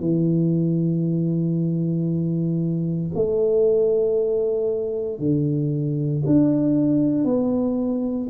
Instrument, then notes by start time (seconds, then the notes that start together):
tuba
0.00 E3
3.15 A3
5.19 D3
6.26 D4
7.24 B3